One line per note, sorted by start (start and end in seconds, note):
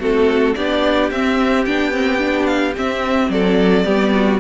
0.00 0.55 A3
0.00 0.56 C4
0.00 0.56 F#4
0.00 0.56 A4
0.56 1.11 B3
0.56 1.13 D4
0.56 3.31 G4
0.56 1.11 D5
1.11 1.66 C4
1.11 1.68 C4
1.11 1.65 E5
1.65 2.77 B3
1.65 1.93 D4
1.65 2.47 G5
1.93 2.19 C4
2.19 2.74 D4
2.47 2.74 F5
2.77 3.85 C4
2.77 3.30 C4
2.77 3.31 E5
3.30 3.85 F#3
3.30 3.86 A4
3.30 4.41 D5
3.85 4.41 G3
3.85 4.40 B3
3.85 4.13 G4
4.15 4.41 F#4